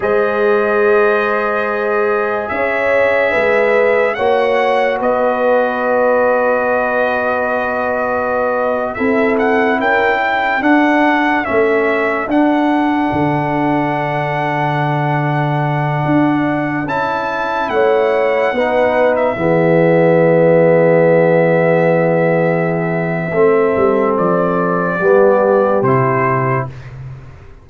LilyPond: <<
  \new Staff \with { instrumentName = "trumpet" } { \time 4/4 \tempo 4 = 72 dis''2. e''4~ | e''4 fis''4 dis''2~ | dis''2~ dis''8. e''8 fis''8 g''16~ | g''8. fis''4 e''4 fis''4~ fis''16~ |
fis''1~ | fis''16 a''4 fis''4.~ fis''16 e''4~ | e''1~ | e''4 d''2 c''4 | }
  \new Staff \with { instrumentName = "horn" } { \time 4/4 c''2. cis''4 | b'4 cis''4 b'2~ | b'2~ b'8. a'4 ais'16~ | ais'16 a'2.~ a'8.~ |
a'1~ | a'4~ a'16 cis''4 b'4 gis'8.~ | gis'1 | a'2 g'2 | }
  \new Staff \with { instrumentName = "trombone" } { \time 4/4 gis'1~ | gis'4 fis'2.~ | fis'2~ fis'8. e'4~ e'16~ | e'8. d'4 cis'4 d'4~ d'16~ |
d'1~ | d'16 e'2 dis'4 b8.~ | b1 | c'2 b4 e'4 | }
  \new Staff \with { instrumentName = "tuba" } { \time 4/4 gis2. cis'4 | gis4 ais4 b2~ | b2~ b8. c'4 cis'16~ | cis'8. d'4 a4 d'4 d16~ |
d2.~ d16 d'8.~ | d'16 cis'4 a4 b4 e8.~ | e1 | a8 g8 f4 g4 c4 | }
>>